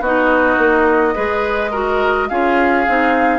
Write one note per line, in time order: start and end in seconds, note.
0.00 0.57 B3
0.00 1.14 D#4
0.00 1.15 F#4
0.00 2.29 D#5
0.58 1.15 A#3
1.14 2.30 G#3
1.14 1.71 G#4
1.14 1.71 B4
1.71 2.30 F#4
1.71 2.28 A#4
2.29 2.87 C#4
2.29 2.87 F4
2.29 3.39 G#4
2.29 3.39 F5
2.87 3.39 C4
2.87 3.39 D#4